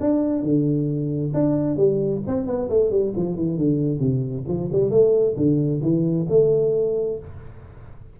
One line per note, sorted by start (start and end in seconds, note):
0.00 0.43 D4
0.43 1.32 D3
1.34 1.76 D4
1.76 2.21 G3
2.27 2.46 C4
2.46 2.69 B3
2.69 2.90 A3
2.90 3.13 G3
3.16 3.36 F3
3.36 3.57 E3
3.57 3.99 D3
3.99 4.44 C3
4.48 4.70 F3
4.72 4.91 G3
4.91 5.35 A3
5.36 5.81 D3
5.82 6.26 E3
6.29 7.18 A3